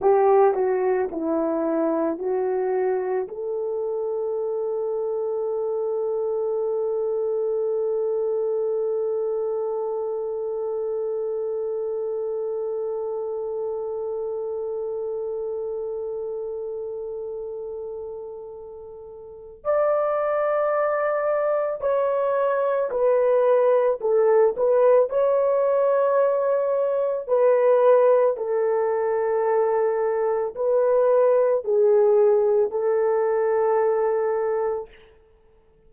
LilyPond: \new Staff \with { instrumentName = "horn" } { \time 4/4 \tempo 4 = 55 g'8 fis'8 e'4 fis'4 a'4~ | a'1~ | a'1~ | a'1~ |
a'2 d''2 | cis''4 b'4 a'8 b'8 cis''4~ | cis''4 b'4 a'2 | b'4 gis'4 a'2 | }